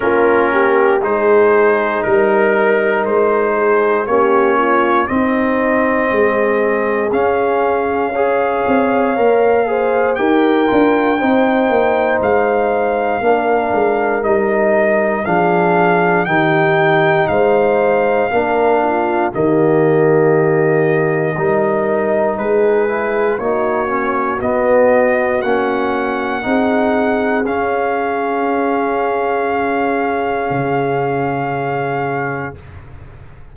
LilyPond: <<
  \new Staff \with { instrumentName = "trumpet" } { \time 4/4 \tempo 4 = 59 ais'4 c''4 ais'4 c''4 | cis''4 dis''2 f''4~ | f''2 g''2 | f''2 dis''4 f''4 |
g''4 f''2 dis''4~ | dis''2 b'4 cis''4 | dis''4 fis''2 f''4~ | f''1 | }
  \new Staff \with { instrumentName = "horn" } { \time 4/4 f'8 g'8 gis'4 ais'4. gis'8 | g'8 f'8 dis'4 gis'2 | cis''4. c''8 ais'4 c''4~ | c''4 ais'2 gis'4 |
g'4 c''4 ais'8 f'8 g'4~ | g'4 ais'4 gis'4 fis'4~ | fis'2 gis'2~ | gis'1 | }
  \new Staff \with { instrumentName = "trombone" } { \time 4/4 cis'4 dis'2. | cis'4 c'2 cis'4 | gis'4 ais'8 gis'8 g'8 f'8 dis'4~ | dis'4 d'4 dis'4 d'4 |
dis'2 d'4 ais4~ | ais4 dis'4. e'8 dis'8 cis'8 | b4 cis'4 dis'4 cis'4~ | cis'1 | }
  \new Staff \with { instrumentName = "tuba" } { \time 4/4 ais4 gis4 g4 gis4 | ais4 c'4 gis4 cis'4~ | cis'8 c'8 ais4 dis'8 d'8 c'8 ais8 | gis4 ais8 gis8 g4 f4 |
dis4 gis4 ais4 dis4~ | dis4 g4 gis4 ais4 | b4 ais4 c'4 cis'4~ | cis'2 cis2 | }
>>